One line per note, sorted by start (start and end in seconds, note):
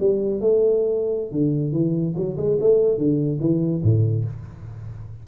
0.00 0.41 G3
0.41 1.32 A3
1.32 1.73 D3
1.73 2.14 E3
2.16 2.37 F#3
2.37 2.58 G#3
2.61 2.98 A3
2.98 3.40 D3
3.41 3.82 E3
3.83 4.25 A2